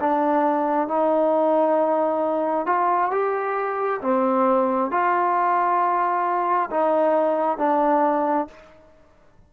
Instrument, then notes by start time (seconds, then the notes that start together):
trombone
0.00 D4
0.88 D#4
2.66 F4
3.11 G4
4.01 C4
4.91 F4
6.71 D#4
7.58 D4